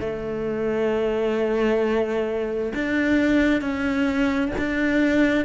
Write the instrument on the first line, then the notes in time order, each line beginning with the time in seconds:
cello
0.00 A3
2.75 D4
3.61 C#4
4.58 D4